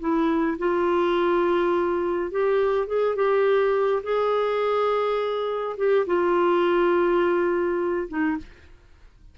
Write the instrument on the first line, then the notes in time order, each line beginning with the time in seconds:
clarinet
0.00 E4
0.58 F4
2.31 G4
2.87 G#4
3.16 G4
4.03 G#4
5.77 G4
6.06 F4
8.08 D#4